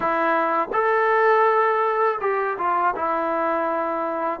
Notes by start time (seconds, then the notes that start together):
0.00 E4
0.73 A4
2.20 G4
2.57 F4
2.95 E4